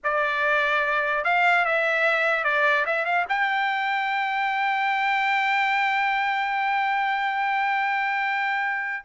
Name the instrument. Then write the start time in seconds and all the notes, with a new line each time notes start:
trumpet
0.03 D5
1.24 F5
1.65 E5
2.44 D5
2.86 E5
3.05 F5
3.29 G5